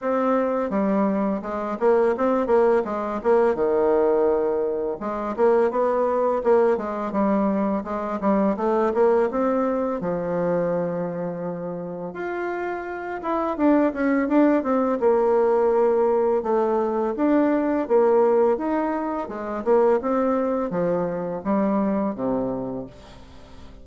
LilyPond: \new Staff \with { instrumentName = "bassoon" } { \time 4/4 \tempo 4 = 84 c'4 g4 gis8 ais8 c'8 ais8 | gis8 ais8 dis2 gis8 ais8 | b4 ais8 gis8 g4 gis8 g8 | a8 ais8 c'4 f2~ |
f4 f'4. e'8 d'8 cis'8 | d'8 c'8 ais2 a4 | d'4 ais4 dis'4 gis8 ais8 | c'4 f4 g4 c4 | }